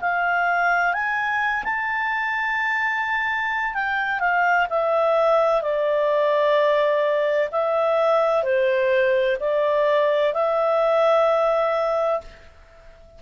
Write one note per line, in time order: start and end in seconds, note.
0.00 0.93 F5
0.93 1.64 G#5
1.64 3.74 A5
3.74 4.20 G5
4.20 4.67 F5
4.70 5.62 E5
5.62 7.49 D5
7.51 8.43 E5
8.43 9.37 C5
9.40 10.33 D5
10.33 12.21 E5